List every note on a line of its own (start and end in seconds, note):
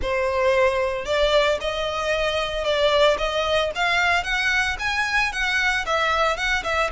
0.02 1.05 C5
1.05 1.58 D5
1.60 2.64 D#5
2.64 3.17 D5
3.18 3.71 D#5
3.75 4.23 F5
4.23 4.76 F#5
4.79 5.32 G#5
5.32 5.85 F#5
5.86 6.36 E5
6.36 6.63 F#5
6.63 6.90 E5